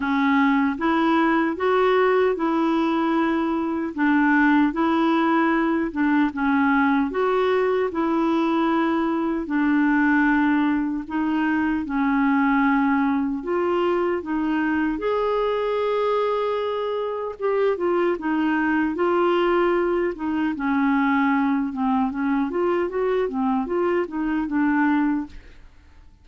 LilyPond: \new Staff \with { instrumentName = "clarinet" } { \time 4/4 \tempo 4 = 76 cis'4 e'4 fis'4 e'4~ | e'4 d'4 e'4. d'8 | cis'4 fis'4 e'2 | d'2 dis'4 cis'4~ |
cis'4 f'4 dis'4 gis'4~ | gis'2 g'8 f'8 dis'4 | f'4. dis'8 cis'4. c'8 | cis'8 f'8 fis'8 c'8 f'8 dis'8 d'4 | }